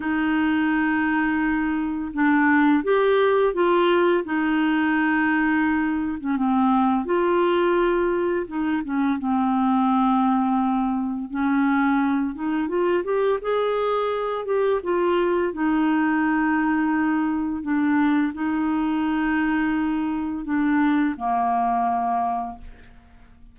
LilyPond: \new Staff \with { instrumentName = "clarinet" } { \time 4/4 \tempo 4 = 85 dis'2. d'4 | g'4 f'4 dis'2~ | dis'8. cis'16 c'4 f'2 | dis'8 cis'8 c'2. |
cis'4. dis'8 f'8 g'8 gis'4~ | gis'8 g'8 f'4 dis'2~ | dis'4 d'4 dis'2~ | dis'4 d'4 ais2 | }